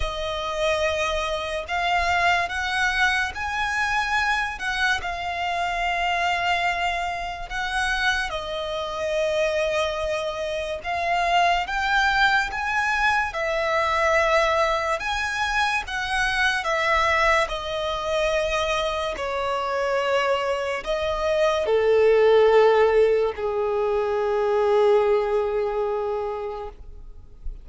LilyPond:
\new Staff \with { instrumentName = "violin" } { \time 4/4 \tempo 4 = 72 dis''2 f''4 fis''4 | gis''4. fis''8 f''2~ | f''4 fis''4 dis''2~ | dis''4 f''4 g''4 gis''4 |
e''2 gis''4 fis''4 | e''4 dis''2 cis''4~ | cis''4 dis''4 a'2 | gis'1 | }